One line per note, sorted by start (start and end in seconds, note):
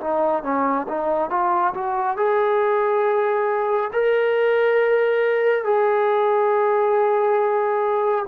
0.00 0.43 D#4
0.43 0.87 C#4
0.88 1.30 D#4
1.30 1.73 F4
1.74 2.17 F#4
2.17 3.91 G#4
3.92 5.64 A#4
5.64 8.25 G#4